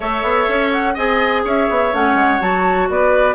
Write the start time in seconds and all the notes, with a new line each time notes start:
0.00 A3 A4 C#5 E5
0.23 B3
0.48 C#4
0.71 F#5
0.94 C4 G#4 D#5 G#5
1.44 C#4 C#5 E5
1.69 B3
1.92 A3 C#4 F#5
2.14 G#3
2.40 F#3 F#4 A5
2.89 B3 B4 D5